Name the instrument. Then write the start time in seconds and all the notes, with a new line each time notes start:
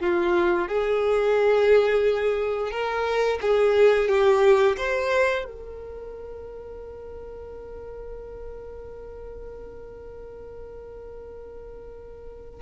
violin
0.00 F4
0.68 G#4
2.71 A#4
3.41 G#4
4.08 G4
4.77 C5
5.45 A#4